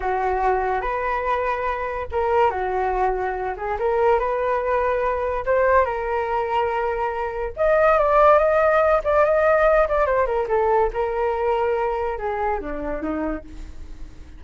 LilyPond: \new Staff \with { instrumentName = "flute" } { \time 4/4 \tempo 4 = 143 fis'2 b'2~ | b'4 ais'4 fis'2~ | fis'8 gis'8 ais'4 b'2~ | b'4 c''4 ais'2~ |
ais'2 dis''4 d''4 | dis''4. d''8 dis''4. d''8 | c''8 ais'8 a'4 ais'2~ | ais'4 gis'4 d'4 dis'4 | }